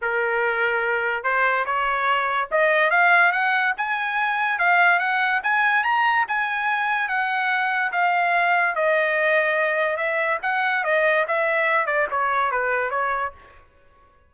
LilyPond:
\new Staff \with { instrumentName = "trumpet" } { \time 4/4 \tempo 4 = 144 ais'2. c''4 | cis''2 dis''4 f''4 | fis''4 gis''2 f''4 | fis''4 gis''4 ais''4 gis''4~ |
gis''4 fis''2 f''4~ | f''4 dis''2. | e''4 fis''4 dis''4 e''4~ | e''8 d''8 cis''4 b'4 cis''4 | }